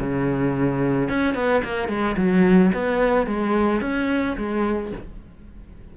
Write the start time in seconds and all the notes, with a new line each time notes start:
0.00 C#3
1.09 C#4
1.35 B3
1.64 A#3
1.89 G#3
2.18 F#3
2.74 B3
3.27 G#3
3.82 C#4
4.38 G#3